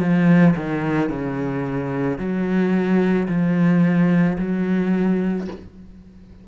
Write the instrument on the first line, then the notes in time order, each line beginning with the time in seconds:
cello
0.00 F3
0.57 D#3
1.10 C#3
2.18 F#3
3.28 F3
4.38 F#3